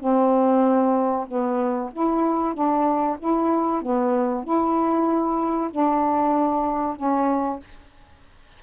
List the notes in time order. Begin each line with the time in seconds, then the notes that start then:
0.00 C4
1.27 B3
1.93 E4
2.54 D4
3.19 E4
3.82 B3
4.44 E4
5.71 D4
6.96 C#4